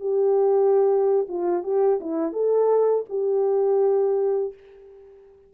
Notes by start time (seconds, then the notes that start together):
0.00 G4
1.28 F4
1.64 G4
2.00 E4
2.33 A4
3.09 G4